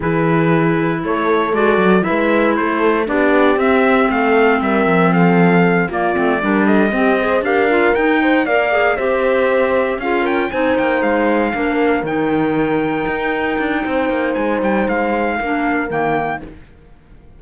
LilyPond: <<
  \new Staff \with { instrumentName = "trumpet" } { \time 4/4 \tempo 4 = 117 b'2 cis''4 d''4 | e''4 c''4 d''4 e''4 | f''4 e''4 f''4. d''8~ | d''4 dis''4. f''4 g''8~ |
g''8 f''4 e''2 f''8 | g''8 gis''8 g''8 f''2 g''8~ | g''1 | gis''8 g''8 f''2 g''4 | }
  \new Staff \with { instrumentName = "horn" } { \time 4/4 gis'2 a'2 | b'4 a'4 g'2 | a'4 ais'4 a'4. f'8~ | f'8 ais'8 a'8 g'8 c''8 ais'4. |
c''8 d''4 c''2 gis'8 | ais'8 c''2 ais'4.~ | ais'2. c''4~ | c''2 ais'2 | }
  \new Staff \with { instrumentName = "clarinet" } { \time 4/4 e'2. fis'4 | e'2 d'4 c'4~ | c'2.~ c'8 ais8 | c'8 d'4 c'8 gis'8 g'8 f'8 dis'8~ |
dis'8 ais'8 gis'8 g'2 f'8~ | f'8 dis'2 d'4 dis'8~ | dis'1~ | dis'2 d'4 ais4 | }
  \new Staff \with { instrumentName = "cello" } { \time 4/4 e2 a4 gis8 fis8 | gis4 a4 b4 c'4 | a4 g8 f2 ais8 | a8 g4 c'4 d'4 dis'8~ |
dis'8 ais4 c'2 cis'8~ | cis'8 c'8 ais8 gis4 ais4 dis8~ | dis4. dis'4 d'8 c'8 ais8 | gis8 g8 gis4 ais4 dis4 | }
>>